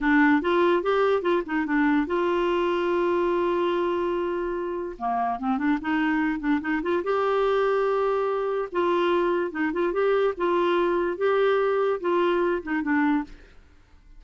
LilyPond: \new Staff \with { instrumentName = "clarinet" } { \time 4/4 \tempo 4 = 145 d'4 f'4 g'4 f'8 dis'8 | d'4 f'2.~ | f'1 | ais4 c'8 d'8 dis'4. d'8 |
dis'8 f'8 g'2.~ | g'4 f'2 dis'8 f'8 | g'4 f'2 g'4~ | g'4 f'4. dis'8 d'4 | }